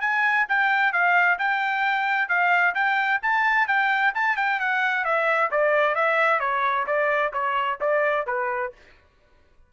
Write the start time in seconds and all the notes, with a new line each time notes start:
0.00 G#5
0.48 G5
0.92 F5
1.38 G5
2.28 F5
2.74 G5
3.22 A5
3.67 G5
4.14 A5
4.36 G5
4.59 F#5
5.04 E5
5.51 D5
5.95 E5
6.39 C#5
6.86 D5
7.33 C#5
7.80 D5
8.26 B4